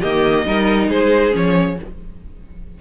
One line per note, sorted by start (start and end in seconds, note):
0.00 0.46 D#3
0.00 0.46 A#3
0.00 0.44 G4
0.00 0.91 D#5
0.46 0.89 G3
0.46 1.32 D#4
0.46 0.90 A#4
0.89 1.34 G#3
0.89 1.79 G#4
0.89 1.35 C5
1.32 1.79 F3
1.32 1.76 C#4
1.32 1.81 C#5